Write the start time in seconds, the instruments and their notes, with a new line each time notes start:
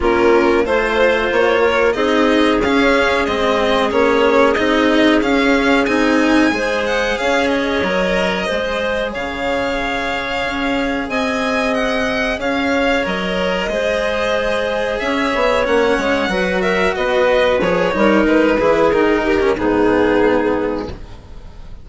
0.00 bassoon A#3, cello C#4, clarinet F4, violin A#4
0.65 bassoon A3, cello F4, violin C5, clarinet C5
1.31 bassoon A#3, violin C#5
1.62 clarinet A#4
1.92 bassoon C4, cello D#4, clarinet G#4, violin D#5
2.59 bassoon C#4, cello C#4, violin F5
3.25 bassoon G#3, cello C4, violin D#5
3.90 bassoon A#3, cello C#4, violin C#5
4.53 bassoon C4, cello D#4, violin D#5
5.21 cello C#4, bassoon C#4, violin F5
5.85 bassoon C4, cello D#4, violin G#5
6.51 bassoon G#3, cello G#4, clarinet C5
6.86 violin F#5
7.18 bassoon C#4, clarinet C#5, violin F5
7.47 violin D#5
7.83 bassoon F#3, cello A#4
8.45 bassoon G#3, cello G#4, clarinet C5
9.11 bassoon C#3, clarinet C#5, violin F5
10.44 bassoon C#4
11.08 bassoon C4, clarinet D#5, violin G#5
11.74 violin F#5
12.38 bassoon C#4, clarinet C#5, violin F5
13.03 bassoon F#3, cello A#4, violin D#5
13.68 bassoon G#3, cello G#4, clarinet C5
14.99 bassoon C#4, clarinet C#5, violin E5
15.35 bassoon B3
15.64 bassoon A#3, cello C#4, violin F#5
15.97 bassoon G#3
16.28 bassoon F#3, cello F#4, clarinet B4
16.61 clarinet A#4, violin E5
16.94 bassoon B3, clarinet B4, violin D#5
17.60 bassoon F3, cello G#4, violin C#5
17.91 bassoon G3, cello D#4, clarinet A#4
18.25 bassoon G#3, violin B4
18.57 bassoon E3, cello E4, clarinet G#4
18.91 bassoon D#3, cello D#4, violin A#4
19.23 clarinet G4
19.40 cello C#4
19.56 bassoon G#2, cello B3, clarinet D#4, violin G#4